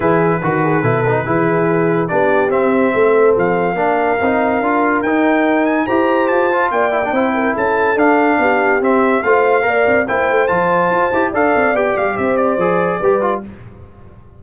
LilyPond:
<<
  \new Staff \with { instrumentName = "trumpet" } { \time 4/4 \tempo 4 = 143 b'1~ | b'4 d''4 e''2 | f''1 | g''4. gis''8 ais''4 a''4 |
g''2 a''4 f''4~ | f''4 e''4 f''2 | g''4 a''2 f''4 | g''8 f''8 e''8 d''2~ d''8 | }
  \new Staff \with { instrumentName = "horn" } { \time 4/4 gis'4 fis'8 gis'8 a'4 gis'4~ | gis'4 g'2 a'4~ | a'4 ais'2.~ | ais'2 c''2 |
d''4 c''8 ais'8 a'2 | g'2 c''4 d''4 | c''2. d''4~ | d''4 c''2 b'4 | }
  \new Staff \with { instrumentName = "trombone" } { \time 4/4 e'4 fis'4 e'8 dis'8 e'4~ | e'4 d'4 c'2~ | c'4 d'4 dis'4 f'4 | dis'2 g'4. f'8~ |
f'8 e'16 d'16 e'2 d'4~ | d'4 c'4 f'4 ais'4 | e'4 f'4. g'8 a'4 | g'2 gis'4 g'8 f'8 | }
  \new Staff \with { instrumentName = "tuba" } { \time 4/4 e4 dis4 b,4 e4~ | e4 b4 c'4 a4 | f4 ais4 c'4 d'4 | dis'2 e'4 f'4 |
ais4 c'4 cis'4 d'4 | b4 c'4 a4 ais8 c'8 | ais8 a8 f4 f'8 e'8 d'8 c'8 | b8 g8 c'4 f4 g4 | }
>>